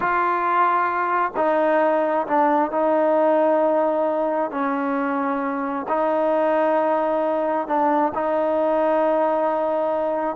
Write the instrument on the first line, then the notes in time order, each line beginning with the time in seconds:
trombone
0.00 F4
1.36 D#4
2.27 D4
2.71 D#4
4.51 C#4
5.88 D#4
7.67 D4
8.14 D#4